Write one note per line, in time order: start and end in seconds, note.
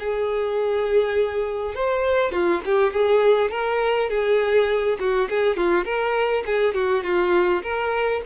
0.00 1.75 G#4
1.75 2.32 C5
2.32 2.61 F4
2.66 2.93 G4
2.93 3.51 G#4
3.51 4.10 A#4
4.10 4.98 G#4
5.00 5.29 F#4
5.30 5.57 G#4
5.57 5.85 F4
5.85 6.44 A#4
6.47 6.75 G#4
6.75 7.04 F#4
7.04 7.63 F4
7.63 8.22 A#4